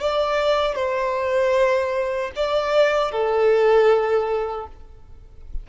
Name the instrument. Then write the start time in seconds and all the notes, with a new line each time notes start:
violin
0.00 D5
0.75 C5
2.36 D5
3.11 A4